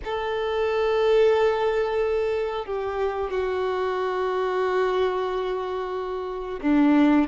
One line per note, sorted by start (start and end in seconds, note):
0.04 2.65 A4
2.65 3.30 G4
3.30 6.59 F#4
6.61 7.27 D4